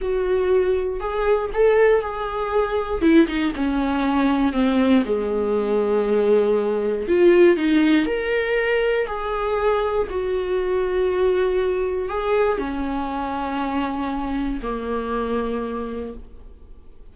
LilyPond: \new Staff \with { instrumentName = "viola" } { \time 4/4 \tempo 4 = 119 fis'2 gis'4 a'4 | gis'2 e'8 dis'8 cis'4~ | cis'4 c'4 gis2~ | gis2 f'4 dis'4 |
ais'2 gis'2 | fis'1 | gis'4 cis'2.~ | cis'4 ais2. | }